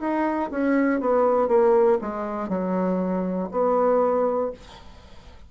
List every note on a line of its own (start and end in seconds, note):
0.00 0.50 D#4
0.50 1.00 C#4
1.00 1.48 B3
1.48 1.98 A#3
2.01 2.49 G#3
2.49 3.49 F#3
3.51 4.51 B3